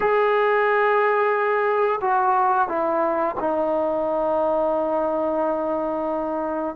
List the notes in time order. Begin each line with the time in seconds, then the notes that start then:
0.00 G#4
2.01 F#4
2.68 E4
3.39 D#4